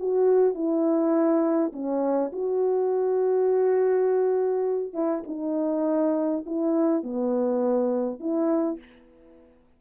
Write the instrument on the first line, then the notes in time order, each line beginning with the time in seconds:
horn
0.00 F#4
0.55 E4
1.73 C#4
2.33 F#4
4.94 E4
5.28 D#4
6.47 E4
7.04 B3
8.21 E4